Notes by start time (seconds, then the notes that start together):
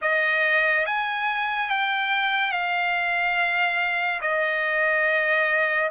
0.01 D#5
0.86 G#5
1.69 G5
2.51 F5
4.21 D#5